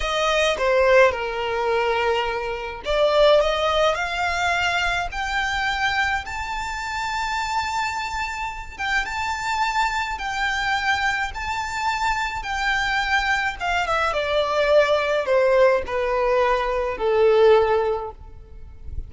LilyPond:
\new Staff \with { instrumentName = "violin" } { \time 4/4 \tempo 4 = 106 dis''4 c''4 ais'2~ | ais'4 d''4 dis''4 f''4~ | f''4 g''2 a''4~ | a''2.~ a''8 g''8 |
a''2 g''2 | a''2 g''2 | f''8 e''8 d''2 c''4 | b'2 a'2 | }